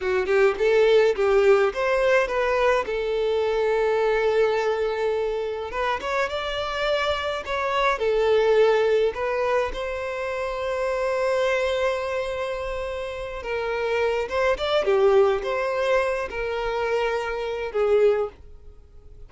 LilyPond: \new Staff \with { instrumentName = "violin" } { \time 4/4 \tempo 4 = 105 fis'8 g'8 a'4 g'4 c''4 | b'4 a'2.~ | a'2 b'8 cis''8 d''4~ | d''4 cis''4 a'2 |
b'4 c''2.~ | c''2.~ c''8 ais'8~ | ais'4 c''8 d''8 g'4 c''4~ | c''8 ais'2~ ais'8 gis'4 | }